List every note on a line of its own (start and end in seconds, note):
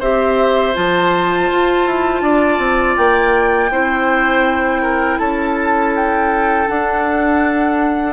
0.00 0.75 C4
0.00 0.74 G4
0.00 2.22 C5
0.00 0.75 E5
0.74 1.51 F3
0.74 3.71 F4
0.74 2.97 A5
1.52 1.86 F4
1.86 2.21 E4
2.21 2.58 D4
2.21 3.71 D5
2.59 2.96 C4
2.97 3.71 A#3
2.97 5.19 G5
3.71 5.19 C4
3.71 6.67 E4
3.71 4.82 C5
4.82 5.19 A#4
5.19 6.68 C#4
5.19 8.13 A4
5.19 5.93 A5
5.96 6.68 G5
6.67 8.13 D4
6.67 8.13 F#5